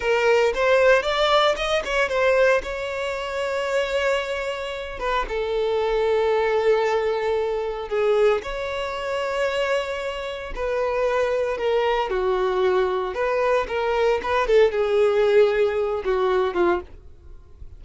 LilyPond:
\new Staff \with { instrumentName = "violin" } { \time 4/4 \tempo 4 = 114 ais'4 c''4 d''4 dis''8 cis''8 | c''4 cis''2.~ | cis''4. b'8 a'2~ | a'2. gis'4 |
cis''1 | b'2 ais'4 fis'4~ | fis'4 b'4 ais'4 b'8 a'8 | gis'2~ gis'8 fis'4 f'8 | }